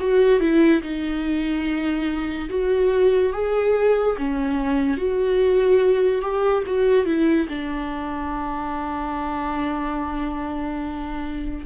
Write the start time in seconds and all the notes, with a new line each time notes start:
0.00 F#4
0.41 E4
0.83 D#4
2.50 F#4
3.33 G#4
4.18 C#4
4.98 F#4
6.22 G4
6.67 F#4
7.06 E4
7.49 D4